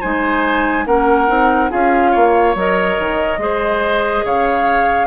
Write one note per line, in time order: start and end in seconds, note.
0.00 0.86 G#3
0.00 0.86 D#4
0.00 0.85 C5
0.00 0.85 G#5
0.86 1.28 A#3
0.86 1.27 C#4
0.86 1.70 A#4
0.86 1.71 F#5
1.27 1.71 C4
1.27 1.70 D#4
1.70 2.15 C#4
1.70 2.54 F4
1.70 2.11 G#4
1.70 2.55 F5
2.11 2.55 A#3
2.11 3.38 C#5
2.55 2.97 F#3
2.55 3.39 A#4
2.55 4.26 D#5
2.98 3.38 D#3
3.38 4.22 G#3
3.38 5.07 G#4
3.38 4.25 C5
4.25 5.07 C#3
4.25 5.07 C#5
4.25 5.07 F5